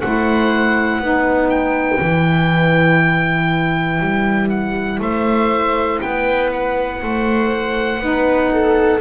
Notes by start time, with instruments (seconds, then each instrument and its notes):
0.00 double bass A3, saxophone E4, viola C5, oboe F#5
0.99 double bass B3, saxophone D#4, viola B4
1.49 oboe G5
1.99 double bass E3, saxophone E4
4.00 double bass G3
4.49 oboe F#5
5.00 double bass A3, viola C5, oboe E5
6.00 double bass B3, viola B4, oboe G5
6.52 oboe F#5
7.01 double bass A3, viola C5
7.99 double bass B3, saxophone D#4, viola B4
8.52 viola A4